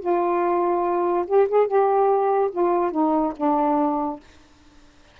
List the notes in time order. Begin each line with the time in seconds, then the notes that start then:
0.00 F4
1.27 G4
1.48 G#4
1.67 G4
2.51 F4
2.91 D#4
3.36 D4